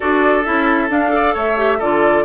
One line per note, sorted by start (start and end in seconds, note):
0.00 0.47 D4
0.00 0.44 F#4
0.00 1.11 A4
0.00 0.44 D5
0.44 0.89 C#4
0.44 0.89 E4
0.44 0.89 E5
0.89 1.09 D4
0.89 1.34 D4
0.89 1.36 F5
1.09 1.54 A4
1.15 1.34 D5
1.34 1.80 A3
1.34 1.78 C#5
1.34 1.80 E5
1.56 1.79 G4
1.78 2.25 D3
1.78 2.25 F4
1.78 2.23 A4
1.78 2.25 D5